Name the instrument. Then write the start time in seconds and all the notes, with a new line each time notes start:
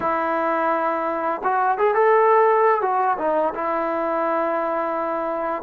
trombone
0.00 E4
1.43 F#4
1.78 G#4
1.94 A4
2.81 F#4
3.18 D#4
3.54 E4